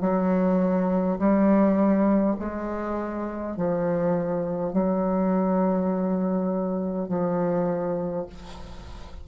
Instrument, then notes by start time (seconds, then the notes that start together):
bassoon
0.00 F#3
1.18 G3
2.39 G#3
3.56 F3
4.73 F#3
7.08 F3